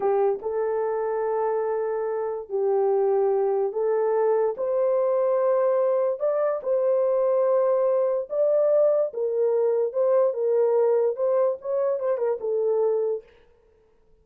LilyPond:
\new Staff \with { instrumentName = "horn" } { \time 4/4 \tempo 4 = 145 g'4 a'2.~ | a'2 g'2~ | g'4 a'2 c''4~ | c''2. d''4 |
c''1 | d''2 ais'2 | c''4 ais'2 c''4 | cis''4 c''8 ais'8 a'2 | }